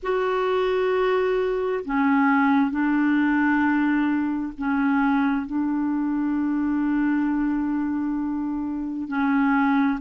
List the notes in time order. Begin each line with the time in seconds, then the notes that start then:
0.02 F#4
1.84 C#4
2.70 D4
4.57 C#4
5.46 D4
9.08 C#4